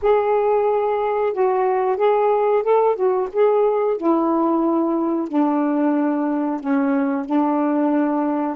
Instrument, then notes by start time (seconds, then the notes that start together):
saxophone
0.02 G#4
1.33 F#4
1.96 G#4
2.63 A4
2.95 F#4
3.33 G#4
3.97 E4
5.28 D4
6.60 C#4
7.25 D4